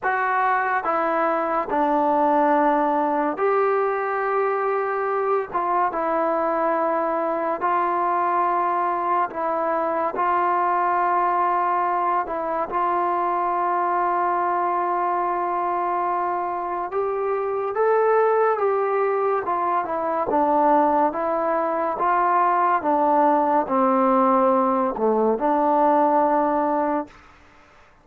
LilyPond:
\new Staff \with { instrumentName = "trombone" } { \time 4/4 \tempo 4 = 71 fis'4 e'4 d'2 | g'2~ g'8 f'8 e'4~ | e'4 f'2 e'4 | f'2~ f'8 e'8 f'4~ |
f'1 | g'4 a'4 g'4 f'8 e'8 | d'4 e'4 f'4 d'4 | c'4. a8 d'2 | }